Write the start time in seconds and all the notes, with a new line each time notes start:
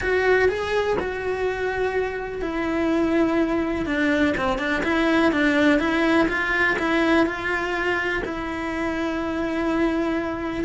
0.01 F#4
0.48 G#4
0.99 F#4
2.41 E4
3.86 D4
4.37 C4
4.58 D4
4.83 E4
5.32 D4
5.79 E4
6.28 F4
6.79 E4
7.26 F4
8.24 E4